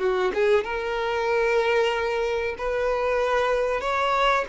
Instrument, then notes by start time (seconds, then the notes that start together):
violin
0.00 F#4
0.34 G#4
0.65 A#4
2.59 B4
3.81 C#5